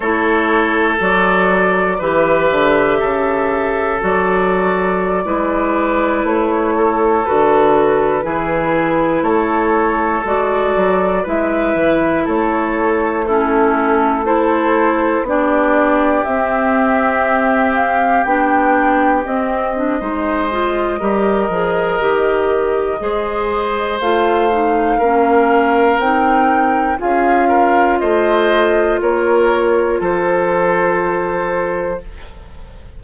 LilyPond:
<<
  \new Staff \with { instrumentName = "flute" } { \time 4/4 \tempo 4 = 60 cis''4 d''4 e''2 | d''2~ d''16 cis''4 b'8.~ | b'4~ b'16 cis''4 d''4 e''8.~ | e''16 cis''4 a'4 c''4 d''8.~ |
d''16 e''4. f''8 g''4 dis''8.~ | dis''1 | f''2 g''4 f''4 | dis''4 cis''4 c''2 | }
  \new Staff \with { instrumentName = "oboe" } { \time 4/4 a'2 b'4 a'4~ | a'4~ a'16 b'4. a'4~ a'16~ | a'16 gis'4 a'2 b'8.~ | b'16 a'4 e'4 a'4 g'8.~ |
g'1 | c''4 ais'2 c''4~ | c''4 ais'2 gis'8 ais'8 | c''4 ais'4 a'2 | }
  \new Staff \with { instrumentName = "clarinet" } { \time 4/4 e'4 fis'4 g'2 | fis'4~ fis'16 e'2 fis'8.~ | fis'16 e'2 fis'4 e'8.~ | e'4~ e'16 cis'4 e'4 d'8.~ |
d'16 c'2 d'4 c'8 d'16 | dis'8 f'8 g'8 gis'8 g'4 gis'4 | f'8 dis'8 cis'4 dis'4 f'4~ | f'1 | }
  \new Staff \with { instrumentName = "bassoon" } { \time 4/4 a4 fis4 e8 d8 cis4 | fis4~ fis16 gis4 a4 d8.~ | d16 e4 a4 gis8 fis8 gis8 e16~ | e16 a2. b8.~ |
b16 c'2 b4 c'8. | gis4 g8 f8 dis4 gis4 | a4 ais4 c'4 cis'4 | a4 ais4 f2 | }
>>